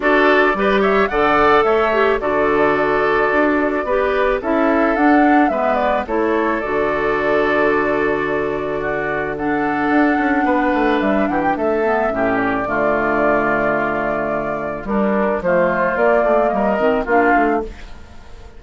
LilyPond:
<<
  \new Staff \with { instrumentName = "flute" } { \time 4/4 \tempo 4 = 109 d''4. e''8 fis''4 e''4 | d''1 | e''4 fis''4 e''8 d''8 cis''4 | d''1~ |
d''4 fis''2. | e''8 fis''16 g''16 e''4. d''4.~ | d''2. ais'4 | c''4 d''4 dis''4 f''4 | }
  \new Staff \with { instrumentName = "oboe" } { \time 4/4 a'4 b'8 cis''8 d''4 cis''4 | a'2. b'4 | a'2 b'4 a'4~ | a'1 |
fis'4 a'2 b'4~ | b'8 g'8 a'4 g'4 f'4~ | f'2. d'4 | f'2 ais'4 f'4 | }
  \new Staff \with { instrumentName = "clarinet" } { \time 4/4 fis'4 g'4 a'4. g'8 | fis'2. g'4 | e'4 d'4 b4 e'4 | fis'1~ |
fis'4 d'2.~ | d'4. b8 cis'4 a4~ | a2. g4 | a4 ais4. c'8 d'4 | }
  \new Staff \with { instrumentName = "bassoon" } { \time 4/4 d'4 g4 d4 a4 | d2 d'4 b4 | cis'4 d'4 gis4 a4 | d1~ |
d2 d'8 cis'8 b8 a8 | g8 e8 a4 a,4 d4~ | d2. g4 | f4 ais8 a8 g8 dis8 ais8 a8 | }
>>